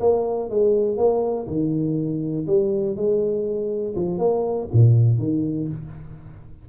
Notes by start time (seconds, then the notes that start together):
0.00 A#3
0.50 G#3
0.97 A#3
1.47 D#3
2.47 G3
2.96 G#3
3.96 F3
4.18 A#3
4.73 A#2
5.18 D#3